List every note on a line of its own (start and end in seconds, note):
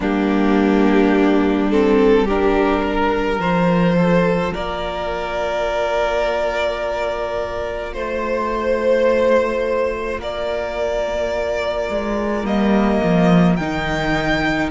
0.00 3.38 G3
0.00 1.71 A#3
0.00 2.23 D4
0.00 1.71 G4
1.71 2.27 C4
1.71 2.27 A4
2.24 3.39 D4
2.24 2.80 G4
2.24 3.40 A#4
2.82 3.96 A#4
3.38 4.52 F3
3.38 12.44 F4
3.38 4.53 C5
3.96 4.52 A4
4.52 7.95 A#3
4.52 7.92 A#4
4.52 7.93 D5
7.93 10.18 A3
7.93 10.20 C5
7.93 10.19 C5
10.18 11.88 A#3
10.18 14.71 A#4
10.18 12.46 D5
11.89 12.44 G#3
12.44 13.00 G3
12.44 13.57 A#3
12.44 13.56 D#5
13.03 13.58 F3
13.56 14.71 D#3
13.56 14.71 D#4
13.56 14.69 G5